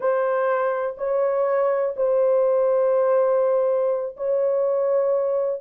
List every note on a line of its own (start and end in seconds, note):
0.00 0.95 C5
0.97 1.95 C#5
1.96 4.16 C5
4.16 5.60 C#5